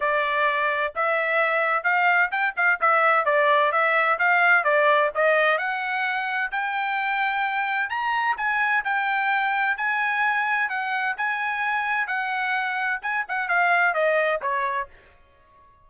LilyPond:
\new Staff \with { instrumentName = "trumpet" } { \time 4/4 \tempo 4 = 129 d''2 e''2 | f''4 g''8 f''8 e''4 d''4 | e''4 f''4 d''4 dis''4 | fis''2 g''2~ |
g''4 ais''4 gis''4 g''4~ | g''4 gis''2 fis''4 | gis''2 fis''2 | gis''8 fis''8 f''4 dis''4 cis''4 | }